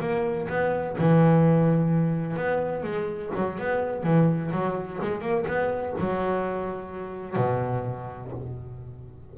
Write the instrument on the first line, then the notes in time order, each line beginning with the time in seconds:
double bass
0.00 A#3
0.49 B3
0.99 E3
2.37 B3
2.84 G#3
3.36 F#3
3.59 B3
4.03 E3
4.52 F#3
5.02 G#3
5.21 A#3
5.47 B3
6.00 F#3
7.36 B2